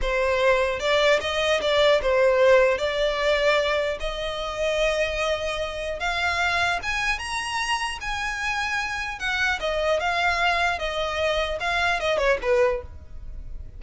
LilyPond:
\new Staff \with { instrumentName = "violin" } { \time 4/4 \tempo 4 = 150 c''2 d''4 dis''4 | d''4 c''2 d''4~ | d''2 dis''2~ | dis''2. f''4~ |
f''4 gis''4 ais''2 | gis''2. fis''4 | dis''4 f''2 dis''4~ | dis''4 f''4 dis''8 cis''8 b'4 | }